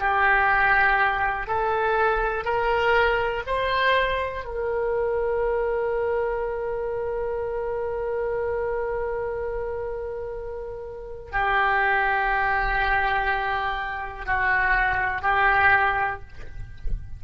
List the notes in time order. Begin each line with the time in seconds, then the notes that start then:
0.00 G4
1.48 A4
2.45 A#4
3.47 C5
4.45 A#4
11.32 G4
14.26 F#4
15.22 G4